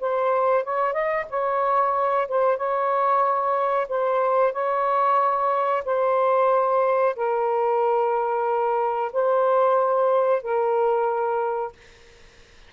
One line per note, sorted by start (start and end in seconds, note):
0.00 0.64 C5
0.64 0.93 C#5
0.93 1.25 D#5
1.30 2.27 C#5
2.28 2.57 C5
2.57 3.87 C#5
3.88 4.53 C5
4.53 5.83 C#5
5.85 7.15 C5
7.16 9.11 A#4
9.12 10.42 C5
10.42 11.72 A#4